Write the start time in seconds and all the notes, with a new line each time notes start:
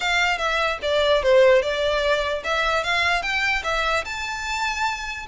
0.00 F5
0.37 E5
0.82 D5
1.23 C5
1.62 D5
2.44 E5
2.83 F5
3.22 G5
3.63 E5
4.04 A5